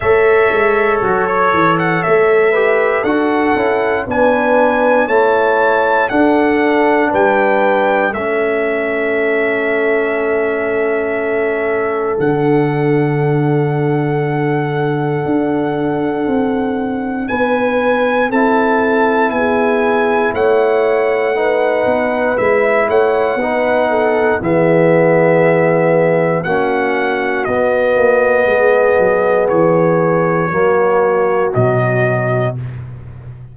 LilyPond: <<
  \new Staff \with { instrumentName = "trumpet" } { \time 4/4 \tempo 4 = 59 e''4 fis'16 cis''8 fis''16 e''4 fis''4 | gis''4 a''4 fis''4 g''4 | e''1 | fis''1~ |
fis''4 gis''4 a''4 gis''4 | fis''2 e''8 fis''4. | e''2 fis''4 dis''4~ | dis''4 cis''2 dis''4 | }
  \new Staff \with { instrumentName = "horn" } { \time 4/4 cis''2~ cis''8 b'8 a'4 | b'4 cis''4 a'4 b'4 | a'1~ | a'1~ |
a'4 b'4 a'4 gis'4 | cis''4 b'4. cis''8 b'8 a'8 | gis'2 fis'2 | gis'2 fis'2 | }
  \new Staff \with { instrumentName = "trombone" } { \time 4/4 a'2~ a'8 g'8 fis'8 e'8 | d'4 e'4 d'2 | cis'1 | d'1~ |
d'2 e'2~ | e'4 dis'4 e'4 dis'4 | b2 cis'4 b4~ | b2 ais4 fis4 | }
  \new Staff \with { instrumentName = "tuba" } { \time 4/4 a8 gis8 fis8 e8 a4 d'8 cis'8 | b4 a4 d'4 g4 | a1 | d2. d'4 |
c'4 b4 c'4 b4 | a4. b8 gis8 a8 b4 | e2 ais4 b8 ais8 | gis8 fis8 e4 fis4 b,4 | }
>>